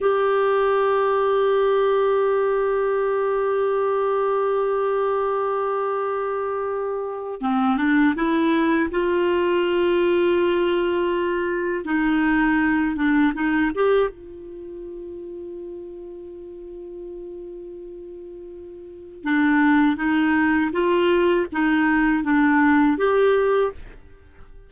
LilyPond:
\new Staff \with { instrumentName = "clarinet" } { \time 4/4 \tempo 4 = 81 g'1~ | g'1~ | g'2 c'8 d'8 e'4 | f'1 |
dis'4. d'8 dis'8 g'8 f'4~ | f'1~ | f'2 d'4 dis'4 | f'4 dis'4 d'4 g'4 | }